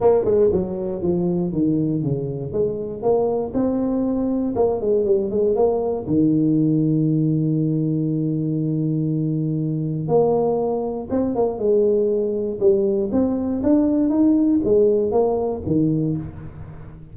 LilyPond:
\new Staff \with { instrumentName = "tuba" } { \time 4/4 \tempo 4 = 119 ais8 gis8 fis4 f4 dis4 | cis4 gis4 ais4 c'4~ | c'4 ais8 gis8 g8 gis8 ais4 | dis1~ |
dis1 | ais2 c'8 ais8 gis4~ | gis4 g4 c'4 d'4 | dis'4 gis4 ais4 dis4 | }